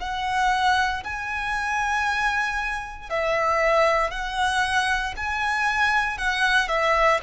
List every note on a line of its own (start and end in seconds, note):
0.00 1.03 F#5
1.04 3.10 G#5
3.10 4.11 E5
4.11 5.14 F#5
5.17 6.18 G#5
6.18 6.68 F#5
6.68 7.20 E5